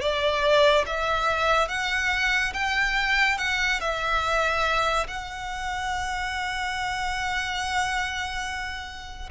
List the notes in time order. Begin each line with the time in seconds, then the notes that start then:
0.00 D5
0.86 E5
1.68 F#5
2.53 G5
3.38 F#5
3.80 E5
5.07 F#5